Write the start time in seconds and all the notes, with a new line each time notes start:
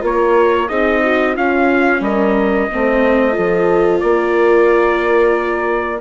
0.00 A#3 F4 A#4 C#5
0.68 C4 D#4 G#4 D#5
1.04 F#4
1.35 C#4 F4 F5
2.01 G3 A#4 D#5
2.72 A3 C4 C5
3.32 F3 F4 A4
4.00 A#3 A#4 D5